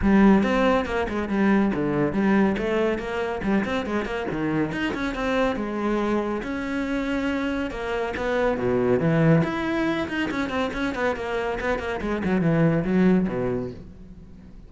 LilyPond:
\new Staff \with { instrumentName = "cello" } { \time 4/4 \tempo 4 = 140 g4 c'4 ais8 gis8 g4 | d4 g4 a4 ais4 | g8 c'8 gis8 ais8 dis4 dis'8 cis'8 | c'4 gis2 cis'4~ |
cis'2 ais4 b4 | b,4 e4 e'4. dis'8 | cis'8 c'8 cis'8 b8 ais4 b8 ais8 | gis8 fis8 e4 fis4 b,4 | }